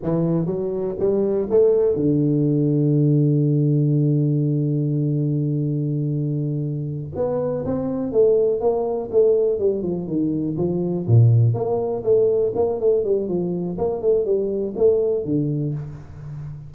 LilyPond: \new Staff \with { instrumentName = "tuba" } { \time 4/4 \tempo 4 = 122 e4 fis4 g4 a4 | d1~ | d1~ | d2~ d8 b4 c'8~ |
c'8 a4 ais4 a4 g8 | f8 dis4 f4 ais,4 ais8~ | ais8 a4 ais8 a8 g8 f4 | ais8 a8 g4 a4 d4 | }